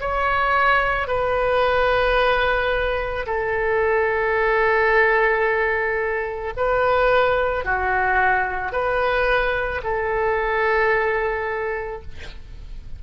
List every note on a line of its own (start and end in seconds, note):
0.00 1.07 C#5
1.07 3.25 B4
3.26 6.53 A4
6.57 7.64 B4
7.64 8.72 F#4
8.72 9.81 B4
9.83 12.01 A4